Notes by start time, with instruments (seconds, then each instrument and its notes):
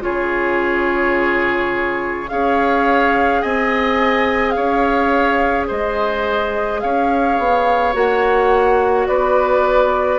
0.00 bassoon C#3, clarinet F4, oboe G#4, flute C#5
2.29 bassoon C#4, clarinet G#4, oboe C#5, flute F5
3.42 bassoon C4, oboe D#5, flute G#5
4.51 oboe C#5, flute F5
4.57 bassoon C#4
5.67 bassoon G#3, oboe C5, flute D#5
6.80 bassoon C#4, oboe C#5, flute F5
7.38 bassoon B3
7.93 bassoon A#3, clarinet F#4, flute F#5
9.07 bassoon B3, oboe B4, flute D5